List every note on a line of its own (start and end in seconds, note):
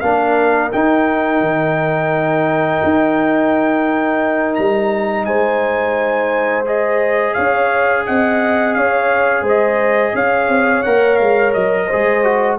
0.00 0.72 A#3
0.00 0.72 D4
0.00 5.26 A#4
0.00 0.70 F5
0.72 6.65 D#4
0.72 1.40 D#4
0.72 4.55 G5
1.40 2.80 D#3
2.84 4.58 D#4
4.55 5.26 G3
4.55 5.25 A#5
5.25 7.35 G#3
5.25 7.35 C5
5.25 6.65 G#5
6.66 10.84 G#4
6.66 7.34 D#5
7.34 8.08 C#4
7.34 8.05 C#5
7.34 8.04 F5
8.06 8.76 C4
8.06 8.77 D#5
8.06 8.74 F#5
8.74 9.42 C#4
8.74 9.42 C#5
8.74 9.44 F5
9.42 10.12 G#3
9.42 10.12 C5
9.48 10.16 D#5
10.14 10.48 C#4
10.14 11.87 C#5
10.14 10.83 F5
10.48 10.83 C4
10.83 11.20 A#3
10.83 11.90 A#4
10.83 11.17 F#5
11.17 11.55 G#3
11.17 11.51 F5
11.53 11.90 F#3
11.53 12.58 D#5
11.87 12.24 G#4
11.87 12.57 C5
11.93 12.59 G#3
12.24 12.59 F#4